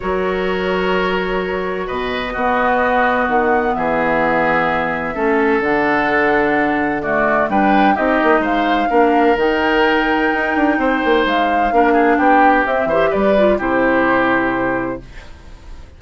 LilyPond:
<<
  \new Staff \with { instrumentName = "flute" } { \time 4/4 \tempo 4 = 128 cis''1 | dis''2. fis''4 | e''1 | fis''2. d''4 |
g''4 dis''4 f''2 | g''1 | f''2 g''4 e''4 | d''4 c''2. | }
  \new Staff \with { instrumentName = "oboe" } { \time 4/4 ais'1 | b'4 fis'2. | gis'2. a'4~ | a'2. fis'4 |
b'4 g'4 c''4 ais'4~ | ais'2. c''4~ | c''4 ais'8 gis'8 g'4. c''8 | b'4 g'2. | }
  \new Staff \with { instrumentName = "clarinet" } { \time 4/4 fis'1~ | fis'4 b2.~ | b2. cis'4 | d'2. a4 |
d'4 dis'2 d'4 | dis'1~ | dis'4 d'2 c'8 g'8~ | g'8 f'8 e'2. | }
  \new Staff \with { instrumentName = "bassoon" } { \time 4/4 fis1 | b,4 b2 dis4 | e2. a4 | d1 |
g4 c'8 ais8 gis4 ais4 | dis2 dis'8 d'8 c'8 ais8 | gis4 ais4 b4 c'8 e8 | g4 c2. | }
>>